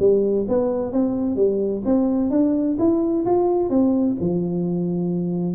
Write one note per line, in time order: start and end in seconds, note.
0.00 0.47 G3
0.49 0.93 B3
0.93 1.36 C4
1.36 1.83 G3
1.86 2.31 C4
2.31 2.78 D4
2.79 3.26 E4
3.26 3.70 F4
3.70 4.17 C4
4.21 5.56 F3